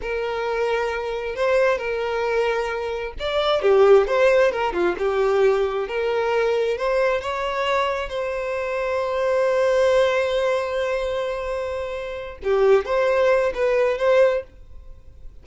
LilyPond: \new Staff \with { instrumentName = "violin" } { \time 4/4 \tempo 4 = 133 ais'2. c''4 | ais'2. d''4 | g'4 c''4 ais'8 f'8 g'4~ | g'4 ais'2 c''4 |
cis''2 c''2~ | c''1~ | c''2.~ c''8 g'8~ | g'8 c''4. b'4 c''4 | }